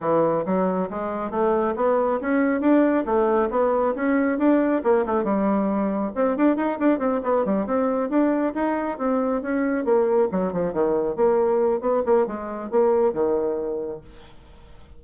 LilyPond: \new Staff \with { instrumentName = "bassoon" } { \time 4/4 \tempo 4 = 137 e4 fis4 gis4 a4 | b4 cis'4 d'4 a4 | b4 cis'4 d'4 ais8 a8 | g2 c'8 d'8 dis'8 d'8 |
c'8 b8 g8 c'4 d'4 dis'8~ | dis'8 c'4 cis'4 ais4 fis8 | f8 dis4 ais4. b8 ais8 | gis4 ais4 dis2 | }